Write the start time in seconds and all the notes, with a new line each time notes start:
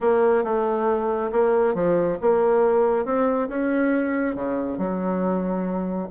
0.01 A#3
0.44 A3
1.32 A#3
1.74 F3
2.21 A#3
3.05 C4
3.48 C#4
4.35 C#3
4.78 F#3